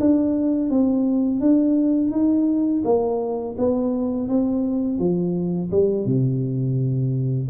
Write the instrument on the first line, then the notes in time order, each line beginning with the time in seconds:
tuba
0.00 D4
0.70 C4
1.41 D4
2.11 D#4
2.85 A#3
3.58 B3
4.28 C4
4.99 F3
5.71 G3
6.06 C3